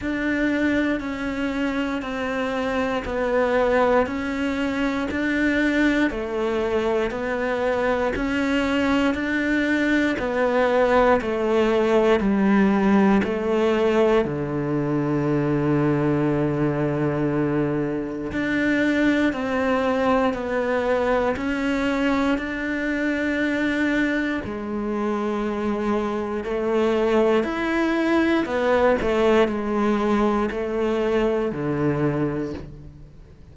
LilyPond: \new Staff \with { instrumentName = "cello" } { \time 4/4 \tempo 4 = 59 d'4 cis'4 c'4 b4 | cis'4 d'4 a4 b4 | cis'4 d'4 b4 a4 | g4 a4 d2~ |
d2 d'4 c'4 | b4 cis'4 d'2 | gis2 a4 e'4 | b8 a8 gis4 a4 d4 | }